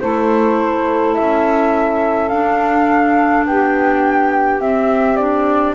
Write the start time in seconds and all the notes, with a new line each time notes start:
0.00 A3 E4 A4 C5
1.14 C#4 E5
2.28 D4 F5
3.45 B3 G4 G5
4.60 C4 E5
5.16 D4 D5